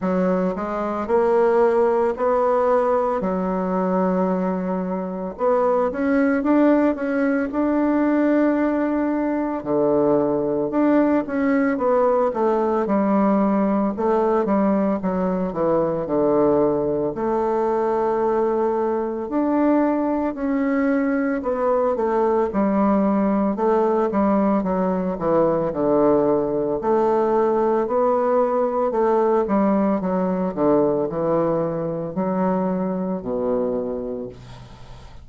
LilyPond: \new Staff \with { instrumentName = "bassoon" } { \time 4/4 \tempo 4 = 56 fis8 gis8 ais4 b4 fis4~ | fis4 b8 cis'8 d'8 cis'8 d'4~ | d'4 d4 d'8 cis'8 b8 a8 | g4 a8 g8 fis8 e8 d4 |
a2 d'4 cis'4 | b8 a8 g4 a8 g8 fis8 e8 | d4 a4 b4 a8 g8 | fis8 d8 e4 fis4 b,4 | }